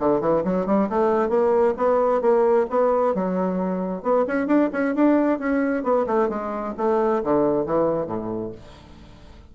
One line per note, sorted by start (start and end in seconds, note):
0.00 0.21 D3
0.21 0.43 E3
0.44 0.66 F#3
0.66 0.89 G3
0.89 1.29 A3
1.29 1.74 A#3
1.77 2.21 B3
2.21 2.66 A#3
2.70 3.15 B3
3.15 4.03 F#3
4.03 4.25 B3
4.27 4.47 C#4
4.47 4.70 D4
4.73 4.95 C#4
4.95 5.39 D4
5.39 5.84 C#4
5.84 6.06 B3
6.07 6.29 A3
6.29 6.74 G#3
6.78 7.23 A3
7.24 7.66 D3
7.66 8.07 E3
8.07 8.52 A2